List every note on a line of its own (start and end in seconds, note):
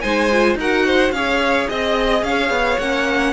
0.00 0.55 G#3
0.00 0.31 D#4
0.00 0.58 C5
0.00 0.56 G#5
0.31 0.59 F4
0.55 1.10 D#4
0.55 0.86 A#4
0.55 1.11 F#5
0.61 1.15 F#4
0.86 1.14 C5
1.11 1.66 C#4
1.11 2.81 G#4
1.11 1.69 C#5
1.11 1.67 F5
1.69 2.22 C4
1.69 2.23 D#5
1.69 2.25 D#5
2.22 2.49 C#4
2.22 3.33 C#5
2.22 2.79 F5
2.49 2.77 B3
2.78 3.33 A#3
2.78 3.33 C#4
2.78 3.33 F#5